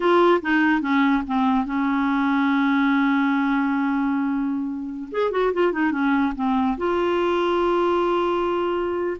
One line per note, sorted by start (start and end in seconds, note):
0.00 0.41 F4
0.42 0.81 D#4
0.81 1.23 C#4
1.26 1.65 C4
1.65 5.09 C#4
5.11 5.31 G#4
5.31 5.52 F#4
5.53 5.72 F4
5.72 5.91 D#4
5.91 6.33 C#4
6.35 6.77 C4
6.77 9.17 F4